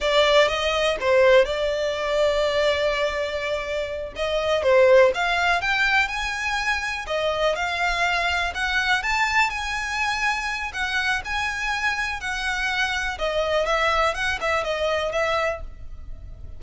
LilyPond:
\new Staff \with { instrumentName = "violin" } { \time 4/4 \tempo 4 = 123 d''4 dis''4 c''4 d''4~ | d''1~ | d''8 dis''4 c''4 f''4 g''8~ | g''8 gis''2 dis''4 f''8~ |
f''4. fis''4 a''4 gis''8~ | gis''2 fis''4 gis''4~ | gis''4 fis''2 dis''4 | e''4 fis''8 e''8 dis''4 e''4 | }